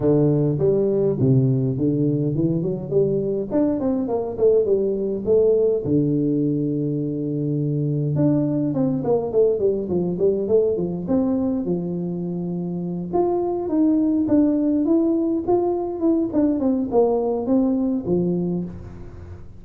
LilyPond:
\new Staff \with { instrumentName = "tuba" } { \time 4/4 \tempo 4 = 103 d4 g4 c4 d4 | e8 fis8 g4 d'8 c'8 ais8 a8 | g4 a4 d2~ | d2 d'4 c'8 ais8 |
a8 g8 f8 g8 a8 f8 c'4 | f2~ f8 f'4 dis'8~ | dis'8 d'4 e'4 f'4 e'8 | d'8 c'8 ais4 c'4 f4 | }